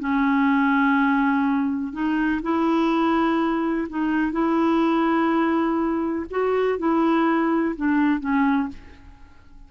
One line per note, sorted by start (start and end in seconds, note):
0.00 1.93 C#4
1.93 2.41 D#4
2.43 3.88 E4
3.90 4.32 D#4
4.32 6.26 E4
6.31 6.79 F#4
6.79 7.75 E4
7.76 8.20 D4
8.20 8.69 C#4